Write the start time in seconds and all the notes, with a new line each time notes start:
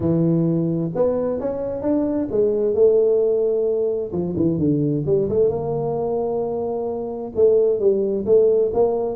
0.00 E3
0.95 B3
1.40 C#4
1.82 D4
2.31 G#3
2.74 A3
4.11 F3
4.36 E3
4.58 D3
5.06 G3
5.29 A3
5.49 A#3
7.35 A3
7.79 G3
8.25 A3
8.73 A#3